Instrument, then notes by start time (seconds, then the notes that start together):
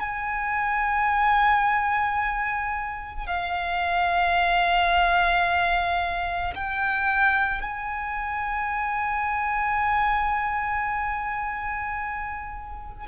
violin
0.00 G#5
3.27 F5
6.55 G5
7.62 G#5